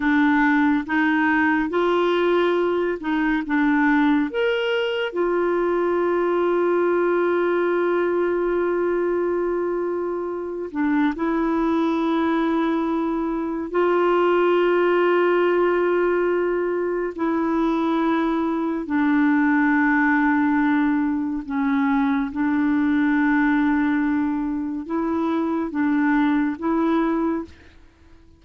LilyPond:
\new Staff \with { instrumentName = "clarinet" } { \time 4/4 \tempo 4 = 70 d'4 dis'4 f'4. dis'8 | d'4 ais'4 f'2~ | f'1~ | f'8 d'8 e'2. |
f'1 | e'2 d'2~ | d'4 cis'4 d'2~ | d'4 e'4 d'4 e'4 | }